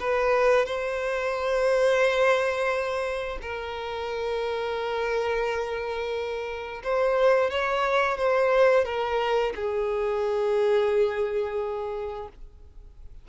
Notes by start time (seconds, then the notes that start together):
0.00 B4
0.66 C5
3.42 A#4
6.84 C5
7.50 C#5
8.18 C5
8.85 A#4
9.55 G#4